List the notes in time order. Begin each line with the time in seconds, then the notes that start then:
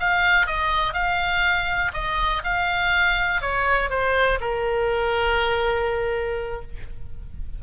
0.00 F5
0.47 D#5
0.94 F5
1.94 D#5
2.44 F5
3.42 C#5
3.90 C5
4.41 A#4